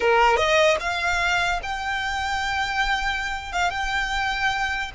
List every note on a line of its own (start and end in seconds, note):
0.00 0.36 A#4
0.36 0.77 D#5
0.80 1.60 F5
1.62 3.52 G5
3.52 3.70 F5
3.70 4.91 G5